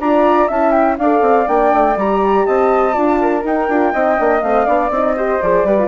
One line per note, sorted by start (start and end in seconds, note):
0.00 0.49 D4
0.00 0.50 F4
0.00 0.48 D5
0.00 0.50 A#5
0.48 0.99 C#4
0.48 0.99 E4
0.48 0.97 E5
0.48 0.71 A5
0.71 0.96 G5
0.98 1.21 D4
0.98 1.47 A4
0.98 2.46 D5
0.98 1.48 F5
1.21 1.46 C4
1.47 1.73 A#3
1.47 1.96 D4
1.47 1.97 G5
1.74 1.96 A3
1.96 2.45 G3
1.96 2.93 G4
1.96 2.46 A#5
2.46 2.97 C4
2.46 2.94 D#5
2.46 3.44 A5
2.93 3.44 D4
2.93 3.43 F4
2.93 3.19 D5
3.21 3.92 A#4
3.43 3.68 D#4
3.43 3.69 D#4
3.43 4.41 G5
3.69 3.93 D4
3.69 3.94 F4
3.92 4.19 C4
3.92 4.17 D#4
3.92 4.66 D#5
4.17 4.43 A#3
4.17 4.41 D4
4.41 4.67 A3
4.41 4.66 C4
4.41 4.90 F5
4.66 4.90 B3
4.66 4.91 D4
4.66 5.15 D5
4.90 5.39 C4
4.90 5.16 D#4
4.90 5.42 D#5
5.16 5.41 G4
5.16 5.66 C5
5.42 5.64 F3
5.42 5.67 G#4
5.42 5.88 D5
5.64 5.88 G3
5.64 5.79 G4
5.64 5.88 B4
5.79 5.88 F4